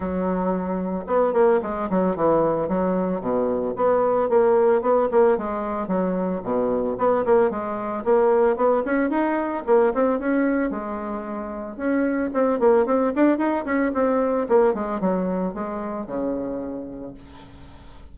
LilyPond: \new Staff \with { instrumentName = "bassoon" } { \time 4/4 \tempo 4 = 112 fis2 b8 ais8 gis8 fis8 | e4 fis4 b,4 b4 | ais4 b8 ais8 gis4 fis4 | b,4 b8 ais8 gis4 ais4 |
b8 cis'8 dis'4 ais8 c'8 cis'4 | gis2 cis'4 c'8 ais8 | c'8 d'8 dis'8 cis'8 c'4 ais8 gis8 | fis4 gis4 cis2 | }